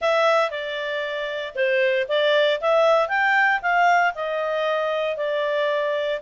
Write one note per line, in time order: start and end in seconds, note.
0.01 0.50 E5
0.50 1.54 D5
1.55 2.06 C5
2.08 2.60 D5
2.61 3.08 E5
3.08 3.60 G5
3.61 4.13 F5
4.14 5.16 D#5
5.16 6.20 D5